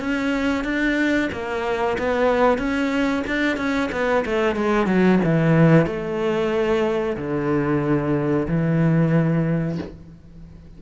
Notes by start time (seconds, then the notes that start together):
0.00 C#4
0.64 D4
1.33 A#3
1.98 B3
2.58 C#4
3.27 D4
3.57 C#4
3.92 B3
4.25 A3
4.56 G#3
4.87 F#3
5.24 E3
5.86 A3
7.17 D3
8.48 E3